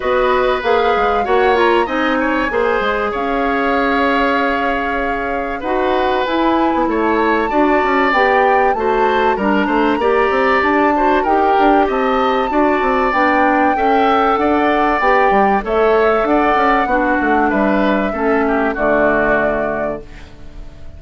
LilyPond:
<<
  \new Staff \with { instrumentName = "flute" } { \time 4/4 \tempo 4 = 96 dis''4 f''4 fis''8 ais''8 gis''4~ | gis''4 f''2.~ | f''4 fis''4 gis''4 a''4~ | a''4 g''4 a''4 ais''4~ |
ais''4 a''4 g''4 a''4~ | a''4 g''2 fis''4 | g''4 e''4 fis''2 | e''2 d''2 | }
  \new Staff \with { instrumentName = "oboe" } { \time 4/4 b'2 cis''4 dis''8 cis''8 | c''4 cis''2.~ | cis''4 b'2 cis''4 | d''2 c''4 ais'8 c''8 |
d''4. c''8 ais'4 dis''4 | d''2 e''4 d''4~ | d''4 cis''4 d''4 fis'4 | b'4 a'8 g'8 fis'2 | }
  \new Staff \with { instrumentName = "clarinet" } { \time 4/4 fis'4 gis'4 fis'8 f'8 dis'4 | gis'1~ | gis'4 fis'4 e'2 | fis'4 g'4 fis'4 d'4 |
g'4. fis'8 g'2 | fis'4 d'4 a'2 | g'4 a'2 d'4~ | d'4 cis'4 a2 | }
  \new Staff \with { instrumentName = "bassoon" } { \time 4/4 b4 ais8 gis8 ais4 c'4 | ais8 gis8 cis'2.~ | cis'4 dis'4 e'8. b16 a4 | d'8 cis'8 b4 a4 g8 a8 |
ais8 c'8 d'4 dis'8 d'8 c'4 | d'8 c'8 b4 cis'4 d'4 | b8 g8 a4 d'8 cis'8 b8 a8 | g4 a4 d2 | }
>>